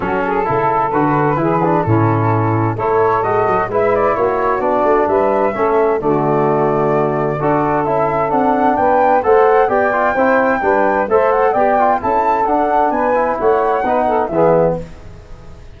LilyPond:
<<
  \new Staff \with { instrumentName = "flute" } { \time 4/4 \tempo 4 = 130 a'2 b'2 | a'2 cis''4 dis''4 | e''8 d''8 cis''4 d''4 e''4~ | e''4 d''2.~ |
d''4 e''4 fis''4 g''4 | fis''4 g''2. | e''8 fis''8 g''4 a''4 fis''4 | gis''4 fis''2 e''4 | }
  \new Staff \with { instrumentName = "saxophone" } { \time 4/4 fis'8 gis'8 a'2 gis'4 | e'2 a'2 | b'4 fis'2 b'4 | a'4 fis'2. |
a'2. b'4 | c''4 d''4 c''4 b'4 | c''4 d''4 a'2 | b'4 cis''4 b'8 a'8 gis'4 | }
  \new Staff \with { instrumentName = "trombone" } { \time 4/4 cis'4 e'4 fis'4 e'8 d'8 | cis'2 e'4 fis'4 | e'2 d'2 | cis'4 a2. |
fis'4 e'4 d'2 | a'4 g'8 f'8 e'4 d'4 | a'4 g'8 f'8 e'4 d'4~ | d'8 e'4. dis'4 b4 | }
  \new Staff \with { instrumentName = "tuba" } { \time 4/4 fis4 cis4 d4 e4 | a,2 a4 gis8 fis8 | gis4 ais4 b8 a8 g4 | a4 d2. |
d'4 cis'4 c'4 b4 | a4 b4 c'4 g4 | a4 b4 cis'4 d'4 | b4 a4 b4 e4 | }
>>